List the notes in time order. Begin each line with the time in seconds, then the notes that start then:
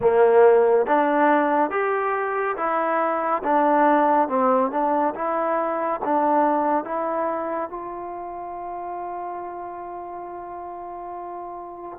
0.00 A#3
0.86 D4
1.70 G4
2.56 E4
3.43 D4
4.28 C4
4.71 D4
5.14 E4
6.04 D4
6.84 E4
7.69 F4